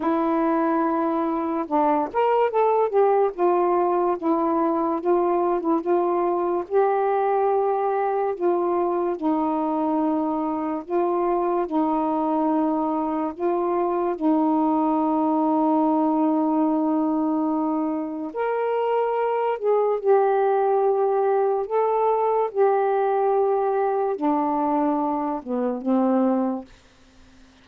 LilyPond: \new Staff \with { instrumentName = "saxophone" } { \time 4/4 \tempo 4 = 72 e'2 d'8 ais'8 a'8 g'8 | f'4 e'4 f'8. e'16 f'4 | g'2 f'4 dis'4~ | dis'4 f'4 dis'2 |
f'4 dis'2.~ | dis'2 ais'4. gis'8 | g'2 a'4 g'4~ | g'4 d'4. b8 c'4 | }